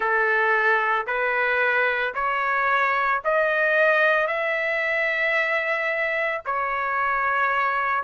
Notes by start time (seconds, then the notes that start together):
0.00 A4
1.07 B4
2.14 C#5
3.24 D#5
4.27 E5
6.45 C#5